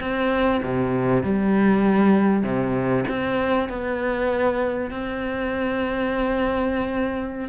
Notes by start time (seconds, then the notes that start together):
0.00 C4
0.63 C3
1.23 G3
2.43 C3
3.08 C4
3.69 B3
4.91 C4